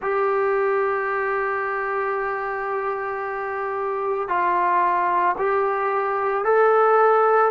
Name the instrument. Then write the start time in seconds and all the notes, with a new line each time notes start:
trombone
0.01 G4
4.28 F4
5.38 G4
6.44 A4